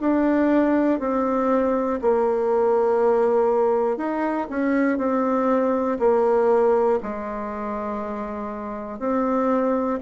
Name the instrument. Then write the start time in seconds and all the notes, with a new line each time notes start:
bassoon
0.00 D4
1.00 C4
2.01 A#3
3.97 D#4
4.49 C#4
4.98 C4
5.99 A#3
7.02 G#3
8.99 C4